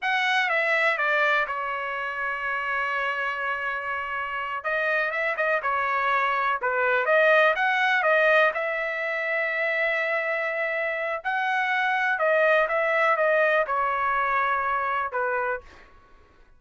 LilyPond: \new Staff \with { instrumentName = "trumpet" } { \time 4/4 \tempo 4 = 123 fis''4 e''4 d''4 cis''4~ | cis''1~ | cis''4. dis''4 e''8 dis''8 cis''8~ | cis''4. b'4 dis''4 fis''8~ |
fis''8 dis''4 e''2~ e''8~ | e''2. fis''4~ | fis''4 dis''4 e''4 dis''4 | cis''2. b'4 | }